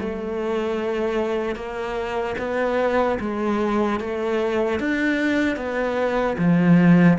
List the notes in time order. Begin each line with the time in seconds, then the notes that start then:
0.00 A3
1.56 A#3
2.39 B3
3.20 G#3
4.00 A3
4.80 D4
5.56 B3
6.38 F3